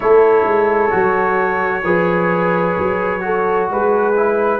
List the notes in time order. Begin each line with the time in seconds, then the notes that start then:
0.00 A3 E4 A4 C#5
0.44 G#3
0.90 F#3 F#4
1.83 F3 G#4 B4
2.78 F#3
3.20 F#4 A4
3.70 G#3 G#4 B4
4.16 E4